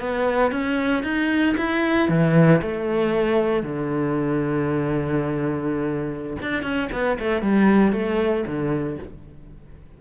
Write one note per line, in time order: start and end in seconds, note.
0.00 0.51 B3
0.51 1.03 C#4
1.03 1.56 D#4
1.57 2.09 E4
2.09 2.61 E3
2.62 3.63 A3
3.63 6.37 D3
6.42 6.63 D4
6.63 6.89 C#4
6.92 7.18 B3
7.19 7.42 A3
7.42 7.93 G3
7.93 8.45 A3
8.46 8.99 D3